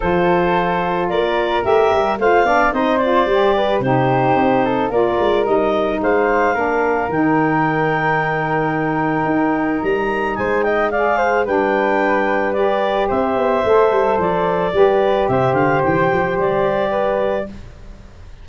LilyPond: <<
  \new Staff \with { instrumentName = "clarinet" } { \time 4/4 \tempo 4 = 110 c''2 d''4 e''4 | f''4 dis''8 d''4. c''4~ | c''4 d''4 dis''4 f''4~ | f''4 g''2.~ |
g''2 ais''4 gis''8 g''8 | f''4 g''2 d''4 | e''2 d''2 | e''8 f''8 g''4 d''2 | }
  \new Staff \with { instrumentName = "flute" } { \time 4/4 a'2 ais'2 | c''8 d''8 c''4. b'8 g'4~ | g'8 a'8 ais'2 c''4 | ais'1~ |
ais'2. c''8 dis''8 | d''8 c''8 b'2. | c''2. b'4 | c''2. b'4 | }
  \new Staff \with { instrumentName = "saxophone" } { \time 4/4 f'2. g'4 | f'8 d'8 dis'8 f'8 g'4 dis'4~ | dis'4 f'4 dis'2 | d'4 dis'2.~ |
dis'1 | gis'4 d'2 g'4~ | g'4 a'2 g'4~ | g'1 | }
  \new Staff \with { instrumentName = "tuba" } { \time 4/4 f2 ais4 a8 g8 | a8 b8 c'4 g4 c4 | c'4 ais8 gis8 g4 gis4 | ais4 dis2.~ |
dis4 dis'4 g4 gis4~ | gis4 g2. | c'8 b8 a8 g8 f4 g4 | c8 d8 e8 f8 g2 | }
>>